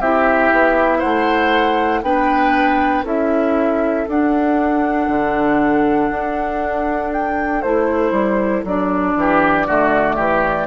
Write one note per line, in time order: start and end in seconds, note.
0.00 0.51 C4
0.00 2.04 E4
0.00 0.98 G4
0.00 1.01 E5
0.52 1.03 B3
0.98 2.03 A3
0.98 2.00 C5
0.98 2.03 F#5
2.03 3.04 B3
2.03 3.05 D4
2.03 3.05 B4
2.03 3.05 G5
3.04 4.06 C#4
3.04 4.07 E4
3.04 9.15 A4
3.04 4.09 E5
4.08 5.08 D4
4.08 7.65 D4
4.08 7.13 F#5
5.08 6.10 D3
6.11 7.63 D4
7.13 7.62 G5
7.62 8.11 A3
7.62 8.66 E4
7.62 8.64 C5
8.11 8.62 G3
8.64 9.15 F#3
8.64 9.68 D4
8.64 10.67 D5
9.16 9.67 E3
9.16 9.67 G4
9.67 10.17 D3
9.67 10.67 A3
9.67 10.16 F#4
10.16 10.67 E3
10.16 10.67 G4